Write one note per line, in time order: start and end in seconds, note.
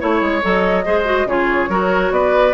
0.00 0.22 A3
0.00 0.42 E4
0.00 0.85 C#5
0.00 0.44 C#5
0.22 0.43 G#3
0.43 0.86 F#3
0.43 0.85 A4
0.43 1.29 D#5
0.85 1.26 G#3
0.85 1.05 G#4
0.85 1.28 C5
1.05 1.26 F#4
1.26 1.68 C#3
1.26 1.70 F4
1.26 1.70 G#4
1.26 2.13 C#5
1.69 2.11 F#3
1.69 2.54 F#4
1.69 2.12 A#4
2.11 2.54 B3
2.11 2.55 B4
2.11 2.55 D5